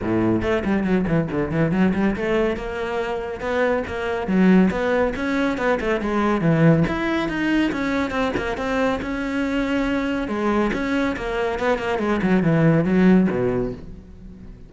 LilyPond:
\new Staff \with { instrumentName = "cello" } { \time 4/4 \tempo 4 = 140 a,4 a8 g8 fis8 e8 d8 e8 | fis8 g8 a4 ais2 | b4 ais4 fis4 b4 | cis'4 b8 a8 gis4 e4 |
e'4 dis'4 cis'4 c'8 ais8 | c'4 cis'2. | gis4 cis'4 ais4 b8 ais8 | gis8 fis8 e4 fis4 b,4 | }